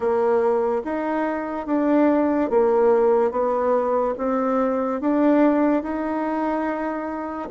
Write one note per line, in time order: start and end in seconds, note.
0.00 0.82 A#3
0.84 1.66 D#4
1.66 2.50 D4
2.50 3.31 A#3
3.31 4.14 B3
4.17 5.00 C4
5.00 5.82 D4
5.82 7.49 D#4